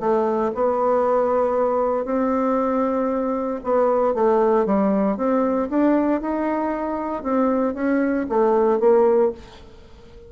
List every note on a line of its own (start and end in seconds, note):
0.00 0.52 A3
0.55 2.05 B3
2.05 3.60 C4
3.64 4.14 B3
4.14 4.66 A3
4.66 5.17 G3
5.17 5.69 C4
5.70 6.21 D4
6.21 7.23 D#4
7.23 7.74 C4
7.74 8.26 C#4
8.29 8.80 A3
8.80 9.32 A#3